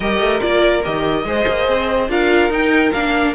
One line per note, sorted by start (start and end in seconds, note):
0.00 0.19 G3
0.00 0.40 G4
0.00 1.24 A#4
0.00 0.40 D#5
0.19 0.40 A3
0.40 0.85 A#3
0.40 0.82 F4
0.40 0.83 D5
0.83 1.24 D#3
0.83 1.25 G4
0.83 2.10 D#5
1.24 1.45 G#3
1.24 2.09 G#4
1.24 2.10 C5
1.47 1.68 A#3
1.68 2.09 C4
2.09 2.49 D4
2.09 2.50 F4
2.09 3.35 A#4
2.09 2.52 F5
2.49 2.91 D#4
2.49 2.92 D#4
2.49 2.91 G5
2.91 3.35 A#3
2.91 3.35 D4
2.91 3.33 F5